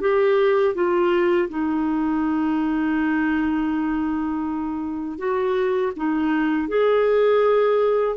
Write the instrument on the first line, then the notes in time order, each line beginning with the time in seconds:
clarinet
0.00 G4
0.74 F4
1.49 D#4
5.18 F#4
5.96 D#4
6.68 G#4